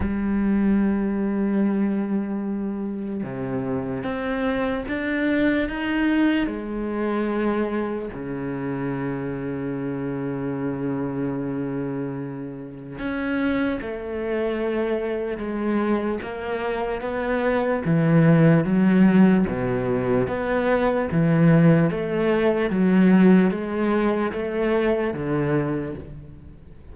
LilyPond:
\new Staff \with { instrumentName = "cello" } { \time 4/4 \tempo 4 = 74 g1 | c4 c'4 d'4 dis'4 | gis2 cis2~ | cis1 |
cis'4 a2 gis4 | ais4 b4 e4 fis4 | b,4 b4 e4 a4 | fis4 gis4 a4 d4 | }